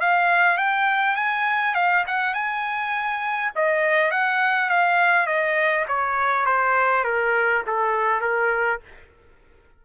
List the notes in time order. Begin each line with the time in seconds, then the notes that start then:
0.00 F5
0.57 G5
1.16 G#5
1.74 F5
2.07 F#5
2.33 G#5
3.55 D#5
4.11 F#5
4.69 F5
5.26 D#5
5.87 C#5
6.46 C5
7.04 A#4
7.66 A4
8.21 A#4